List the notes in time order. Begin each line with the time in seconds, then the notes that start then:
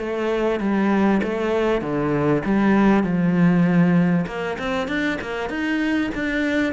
0.00 A3
0.60 G3
1.24 A3
1.82 D3
2.46 G3
3.04 F3
4.27 A#3
4.59 C4
4.88 D4
5.22 A#3
5.50 D#4
6.15 D4